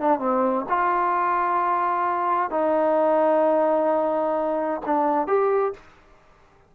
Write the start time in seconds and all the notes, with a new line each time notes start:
0.00 D4
0.20 C4
0.69 F4
2.50 D#4
4.86 D4
5.27 G4